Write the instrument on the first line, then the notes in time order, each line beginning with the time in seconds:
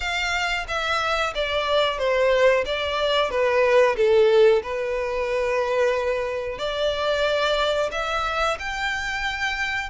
violin
0.00 F5
0.67 E5
1.34 D5
1.98 C5
2.65 D5
3.30 B4
3.96 A4
4.62 B4
6.58 D5
7.91 E5
8.59 G5